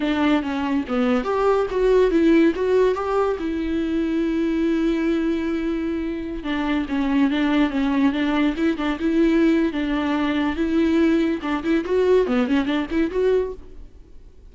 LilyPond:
\new Staff \with { instrumentName = "viola" } { \time 4/4 \tempo 4 = 142 d'4 cis'4 b4 g'4 | fis'4 e'4 fis'4 g'4 | e'1~ | e'2.~ e'16 d'8.~ |
d'16 cis'4 d'4 cis'4 d'8.~ | d'16 e'8 d'8 e'4.~ e'16 d'4~ | d'4 e'2 d'8 e'8 | fis'4 b8 cis'8 d'8 e'8 fis'4 | }